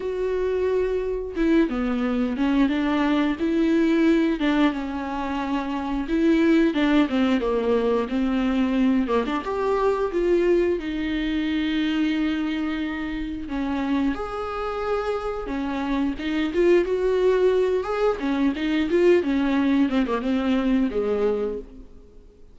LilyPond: \new Staff \with { instrumentName = "viola" } { \time 4/4 \tempo 4 = 89 fis'2 e'8 b4 cis'8 | d'4 e'4. d'8 cis'4~ | cis'4 e'4 d'8 c'8 ais4 | c'4. ais16 d'16 g'4 f'4 |
dis'1 | cis'4 gis'2 cis'4 | dis'8 f'8 fis'4. gis'8 cis'8 dis'8 | f'8 cis'4 c'16 ais16 c'4 gis4 | }